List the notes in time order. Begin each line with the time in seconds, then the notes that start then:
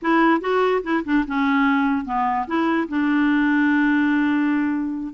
0.02 E4
0.41 F#4
0.83 E4
1.04 D4
1.27 C#4
2.05 B3
2.47 E4
2.88 D4